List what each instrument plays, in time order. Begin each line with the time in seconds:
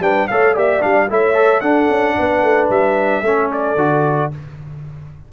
0.00 tuba G3, trombone D4, horn B4, trumpet G5
0.28 tuba A3, trombone A4, horn C#5, trumpet F5
0.54 tuba A#3, trombone G4, horn D5, trumpet E5
0.81 tuba G3, trombone D4, trumpet F5
1.10 tuba A3, trombone E4, horn C#5, trumpet E5
1.34 trombone A4
1.61 tuba D4, trombone D4, horn A4, trumpet F#5
1.89 tuba C#4
2.17 tuba B3, horn B4
2.43 tuba A3
2.70 tuba G3, trumpet E5
3.22 tuba A3, trombone C#4, horn A4
3.52 trumpet D5
3.76 tuba D3, trombone F#4